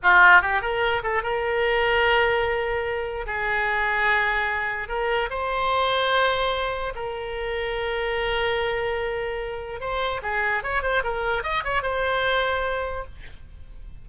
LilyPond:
\new Staff \with { instrumentName = "oboe" } { \time 4/4 \tempo 4 = 147 f'4 g'8 ais'4 a'8 ais'4~ | ais'1 | gis'1 | ais'4 c''2.~ |
c''4 ais'2.~ | ais'1 | c''4 gis'4 cis''8 c''8 ais'4 | dis''8 cis''8 c''2. | }